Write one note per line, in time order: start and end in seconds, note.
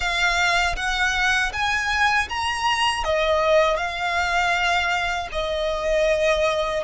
0.00 0.75 F5
0.76 1.52 F#5
1.52 2.28 G#5
2.29 3.03 A#5
3.03 3.76 D#5
3.76 5.28 F5
5.32 6.84 D#5